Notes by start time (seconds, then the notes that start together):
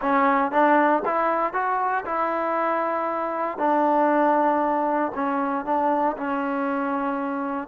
0.01 C#4
0.51 D4
1.05 E4
1.53 F#4
2.05 E4
3.58 D4
5.14 C#4
5.65 D4
6.17 C#4